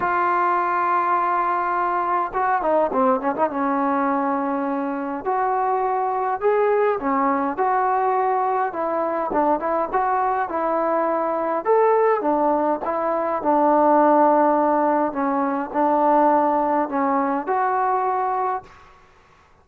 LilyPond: \new Staff \with { instrumentName = "trombone" } { \time 4/4 \tempo 4 = 103 f'1 | fis'8 dis'8 c'8 cis'16 dis'16 cis'2~ | cis'4 fis'2 gis'4 | cis'4 fis'2 e'4 |
d'8 e'8 fis'4 e'2 | a'4 d'4 e'4 d'4~ | d'2 cis'4 d'4~ | d'4 cis'4 fis'2 | }